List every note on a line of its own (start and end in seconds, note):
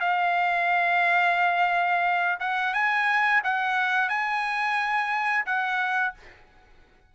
0.00 2.39 F5
2.40 2.74 F#5
2.74 3.42 G#5
3.44 4.08 F#5
4.08 5.45 G#5
5.45 6.14 F#5